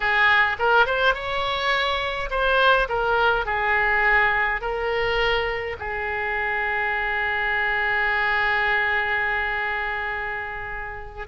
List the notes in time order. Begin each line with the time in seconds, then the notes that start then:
0.00 G#4
0.58 A#4
0.85 C5
1.14 C#5
2.30 C5
2.88 A#4
3.45 G#4
4.61 A#4
5.78 G#4